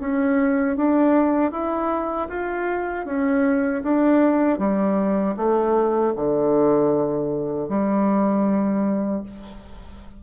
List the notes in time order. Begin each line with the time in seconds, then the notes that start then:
0.00 C#4
0.77 D4
1.51 E4
2.29 F4
3.06 C#4
3.83 D4
4.58 G3
5.36 A3
6.16 D3
7.69 G3